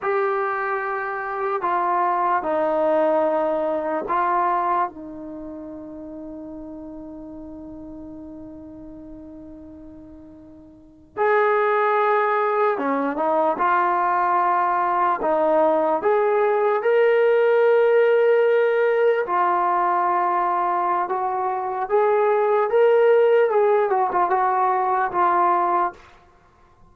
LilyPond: \new Staff \with { instrumentName = "trombone" } { \time 4/4 \tempo 4 = 74 g'2 f'4 dis'4~ | dis'4 f'4 dis'2~ | dis'1~ | dis'4.~ dis'16 gis'2 cis'16~ |
cis'16 dis'8 f'2 dis'4 gis'16~ | gis'8. ais'2. f'16~ | f'2 fis'4 gis'4 | ais'4 gis'8 fis'16 f'16 fis'4 f'4 | }